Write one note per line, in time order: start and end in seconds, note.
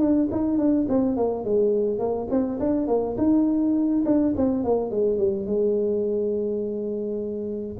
0.00 0.29 D4
0.31 0.58 D#4
0.58 0.87 D4
0.89 1.17 C4
1.17 1.45 A#3
1.45 1.99 G#3
1.99 2.28 A#3
2.31 2.60 C4
2.60 2.88 D4
2.88 3.17 A#3
3.18 4.04 D#4
4.05 4.34 D4
4.37 4.64 C4
4.64 4.91 A#3
4.91 5.18 G#3
5.18 5.47 G3
5.47 7.77 G#3